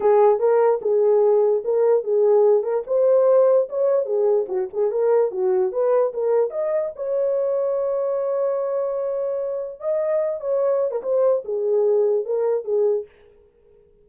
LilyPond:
\new Staff \with { instrumentName = "horn" } { \time 4/4 \tempo 4 = 147 gis'4 ais'4 gis'2 | ais'4 gis'4. ais'8 c''4~ | c''4 cis''4 gis'4 fis'8 gis'8 | ais'4 fis'4 b'4 ais'4 |
dis''4 cis''2.~ | cis''1 | dis''4. cis''4~ cis''16 ais'16 c''4 | gis'2 ais'4 gis'4 | }